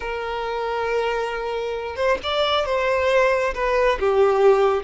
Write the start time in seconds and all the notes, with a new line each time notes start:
0.00 A#4
1.95 C5
2.23 D5
2.65 C5
3.54 B4
3.99 G4